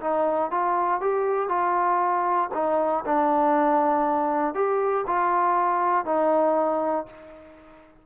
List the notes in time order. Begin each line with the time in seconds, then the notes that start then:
0.00 D#4
0.50 F4
1.00 G4
1.49 F4
2.53 D#4
3.05 D4
4.54 G4
5.06 F4
6.05 D#4